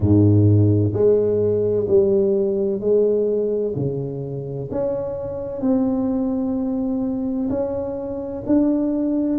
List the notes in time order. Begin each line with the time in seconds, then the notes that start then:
0.00 G#2
0.93 G#3
1.87 G3
2.80 G#3
3.75 C#3
4.71 C#4
5.61 C4
7.49 C#4
8.46 D4